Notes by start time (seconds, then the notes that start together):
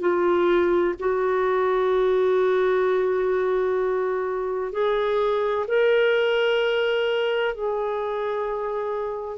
0.00 F4
0.99 F#4
4.72 G#4
5.67 A#4
7.54 G#4